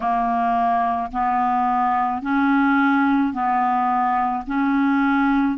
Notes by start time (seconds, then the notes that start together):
0.00 A#3
1.11 B3
2.22 C#4
3.33 B3
4.46 C#4